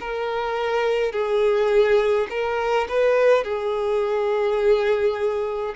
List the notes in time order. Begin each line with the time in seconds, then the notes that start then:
0.00 A#4
1.12 G#4
2.30 A#4
2.88 B4
3.44 G#4